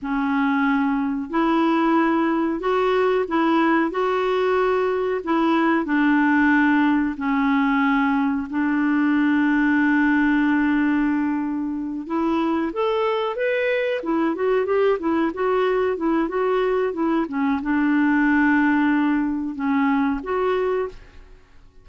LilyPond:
\new Staff \with { instrumentName = "clarinet" } { \time 4/4 \tempo 4 = 92 cis'2 e'2 | fis'4 e'4 fis'2 | e'4 d'2 cis'4~ | cis'4 d'2.~ |
d'2~ d'8 e'4 a'8~ | a'8 b'4 e'8 fis'8 g'8 e'8 fis'8~ | fis'8 e'8 fis'4 e'8 cis'8 d'4~ | d'2 cis'4 fis'4 | }